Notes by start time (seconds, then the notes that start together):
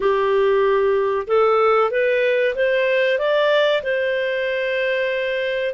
0.00 G4
1.27 A4
1.91 B4
2.55 C5
3.18 D5
3.82 C5